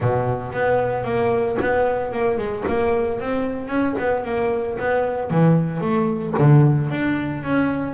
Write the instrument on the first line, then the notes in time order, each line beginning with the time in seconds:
double bass
0.00 B2
0.52 B3
1.04 A#3
1.61 B3
2.12 A#3
2.37 G#3
2.67 A#3
3.20 C4
3.68 C#4
3.98 B3
4.24 A#3
4.78 B3
5.30 E3
5.80 A3
6.38 D3
6.90 D4
7.43 C#4